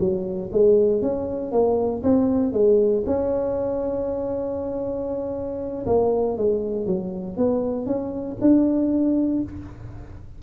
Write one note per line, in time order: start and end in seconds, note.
0.00 0.51 F#3
0.53 1.02 G#3
1.02 1.52 C#4
1.52 2.03 A#3
2.03 2.53 C4
2.53 3.04 G#3
3.06 5.86 C#4
5.87 6.38 A#3
6.38 6.87 G#3
6.87 7.37 F#3
7.37 7.87 B3
7.87 8.37 C#4
8.42 9.43 D4